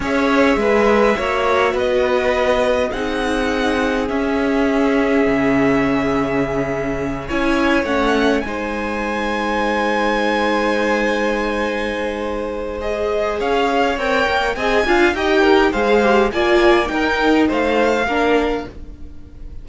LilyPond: <<
  \new Staff \with { instrumentName = "violin" } { \time 4/4 \tempo 4 = 103 e''2. dis''4~ | dis''4 fis''2 e''4~ | e''1~ | e''8 gis''4 fis''4 gis''4.~ |
gis''1~ | gis''2 dis''4 f''4 | g''4 gis''4 g''4 f''4 | gis''4 g''4 f''2 | }
  \new Staff \with { instrumentName = "violin" } { \time 4/4 cis''4 b'4 cis''4 b'4~ | b'4 gis'2.~ | gis'1~ | gis'8 cis''2 c''4.~ |
c''1~ | c''2. cis''4~ | cis''4 dis''8 f''8 dis''8 ais'8 c''4 | d''4 ais'4 c''4 ais'4 | }
  \new Staff \with { instrumentName = "viola" } { \time 4/4 gis'2 fis'2~ | fis'4 dis'2 cis'4~ | cis'1~ | cis'8 e'4 cis'4 dis'4.~ |
dis'1~ | dis'2 gis'2 | ais'4 gis'8 f'8 g'4 gis'8 g'8 | f'4 dis'2 d'4 | }
  \new Staff \with { instrumentName = "cello" } { \time 4/4 cis'4 gis4 ais4 b4~ | b4 c'2 cis'4~ | cis'4 cis2.~ | cis8 cis'4 a4 gis4.~ |
gis1~ | gis2. cis'4 | c'8 ais8 c'8 d'8 dis'4 gis4 | ais4 dis'4 a4 ais4 | }
>>